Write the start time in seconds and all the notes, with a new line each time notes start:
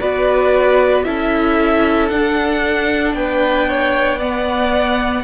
0.00 B3 F#4 B4 D5
1.04 C#4 E4 A4 E5
2.09 D4 F#5
3.14 B3 B4 G5
3.69 C#5
4.19 B3 D5 F#5